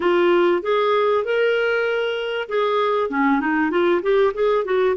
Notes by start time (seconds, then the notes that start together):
0.00 F4
0.62 G#4
1.24 A#4
2.48 G#4
3.09 C#4
3.40 D#4
3.70 F4
4.02 G4
4.34 G#4
4.64 F#4